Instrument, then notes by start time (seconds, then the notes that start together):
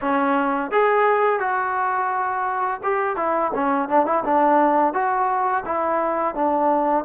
trombone
0.01 C#4
0.71 G#4
1.39 F#4
2.83 G4
3.16 E4
3.54 C#4
3.88 D4
4.06 E4
4.24 D4
4.93 F#4
5.65 E4
6.35 D4